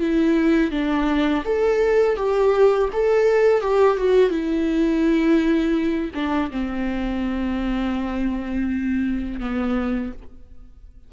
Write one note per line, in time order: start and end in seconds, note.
0.00 0.72 E4
0.72 1.44 D4
1.45 2.17 A4
2.17 2.89 G4
2.93 3.61 A4
3.61 3.98 G4
3.98 4.30 F#4
4.30 6.11 E4
6.14 6.51 D4
6.51 9.40 C4
9.40 10.13 B3